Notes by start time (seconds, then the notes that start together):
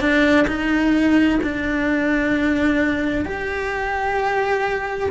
0.00 D4
0.47 D#4
1.42 D4
3.25 G4